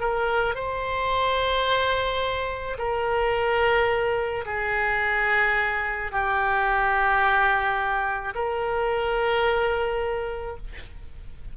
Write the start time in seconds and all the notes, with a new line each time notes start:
0.00 A#4
0.55 C5
2.78 A#4
4.45 G#4
6.11 G4
8.34 A#4